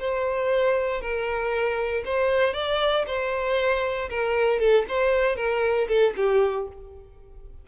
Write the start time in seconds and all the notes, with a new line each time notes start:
0.00 C5
1.02 A#4
2.06 C5
2.54 D5
3.07 C5
4.10 A#4
4.60 A4
4.89 C5
5.37 A#4
5.89 A4
6.17 G4